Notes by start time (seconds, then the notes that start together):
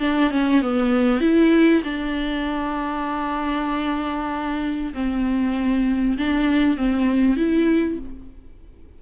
0.00 D4
0.31 C#4
0.62 B3
1.21 E4
1.84 D4
4.94 C4
6.18 D4
6.77 C4
7.37 E4